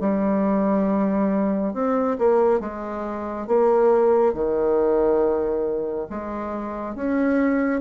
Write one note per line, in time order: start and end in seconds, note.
0.00 1.74 G3
1.74 2.17 C4
2.18 2.60 A#3
2.60 3.47 G#3
3.47 4.34 A#3
4.34 6.08 D#3
6.09 6.95 G#3
6.95 7.81 C#4